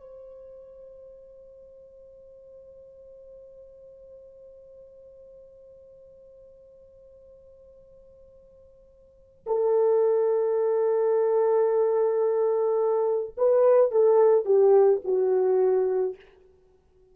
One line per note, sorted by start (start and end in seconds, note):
0.00 9.44 C5
9.46 13.35 A4
13.37 13.91 B4
13.91 14.45 A4
14.45 15.01 G4
15.04 16.15 F#4